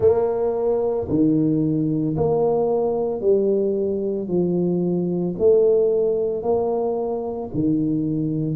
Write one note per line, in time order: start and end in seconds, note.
0.00 1.07 A#3
1.09 2.16 D#3
2.16 3.20 A#3
3.20 4.28 G3
4.28 5.35 F3
5.38 6.42 A3
6.42 7.50 A#3
7.54 8.55 D#3